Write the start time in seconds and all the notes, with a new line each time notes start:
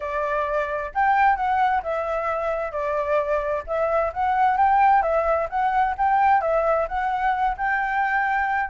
0.00 D5
0.94 G5
1.36 F#5
1.82 E5
2.71 D5
3.66 E5
4.13 F#5
4.57 G5
5.02 E5
5.49 F#5
5.97 G5
6.41 E5
6.88 F#5
7.57 G5